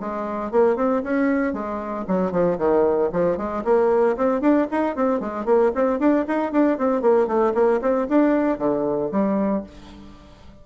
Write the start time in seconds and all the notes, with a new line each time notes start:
0.00 G#3
0.51 A#3
0.76 C4
1.03 C#4
1.53 G#3
2.08 F#3
2.31 F3
2.58 D#3
3.13 F3
3.37 G#3
3.65 A#3
4.17 C4
4.41 D4
4.71 D#4
4.96 C4
5.20 G#3
5.45 A#3
5.75 C4
5.99 D4
6.28 D#4
6.52 D4
6.78 C4
7.02 A#3
7.27 A3
7.54 A#3
7.81 C4
8.09 D4
8.58 D3
9.12 G3